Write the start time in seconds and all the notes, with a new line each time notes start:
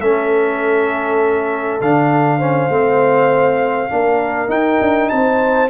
0.00 A3 C#4 A4 E5
1.81 D3 D4 F5
2.39 C#4 C5
2.69 A3 C4
3.90 A#3 D4 A#4
4.49 D#4 G5
4.81 D4
5.10 C4 C5 A5